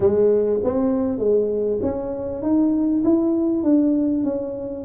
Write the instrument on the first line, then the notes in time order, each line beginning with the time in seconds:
tuba
0.00 G#3
0.63 C4
1.18 G#3
1.82 C#4
2.42 D#4
3.04 E4
3.63 D4
4.23 C#4